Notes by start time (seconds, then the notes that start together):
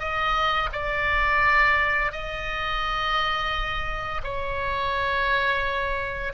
0.00 D#5
0.73 D5
2.12 D#5
4.24 C#5